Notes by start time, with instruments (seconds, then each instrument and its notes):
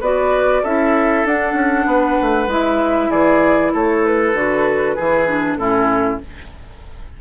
0.00 bassoon B3, clarinet F#4, oboe B4, flute D5
0.62 bassoon C#4, clarinet E4, oboe A4, flute E5
1.24 bassoon D4, clarinet D4, flute F#5
1.53 bassoon C#4
1.86 bassoon B3, oboe B4
2.22 bassoon A3
2.47 bassoon G#3, clarinet E4, flute E5
3.10 bassoon E3, oboe G#4, flute D5
3.73 bassoon A3, oboe A4, flute C#5
4.05 flute B4
4.34 bassoon D3, clarinet F#4
4.95 bassoon E3, clarinet E4, oboe G#4
5.27 clarinet D4
5.56 bassoon A2, clarinet C#4, oboe E4, flute A4